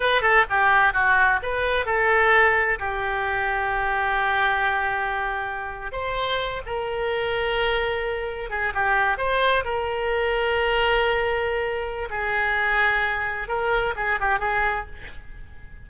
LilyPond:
\new Staff \with { instrumentName = "oboe" } { \time 4/4 \tempo 4 = 129 b'8 a'8 g'4 fis'4 b'4 | a'2 g'2~ | g'1~ | g'8. c''4. ais'4.~ ais'16~ |
ais'2~ ais'16 gis'8 g'4 c''16~ | c''8. ais'2.~ ais'16~ | ais'2 gis'2~ | gis'4 ais'4 gis'8 g'8 gis'4 | }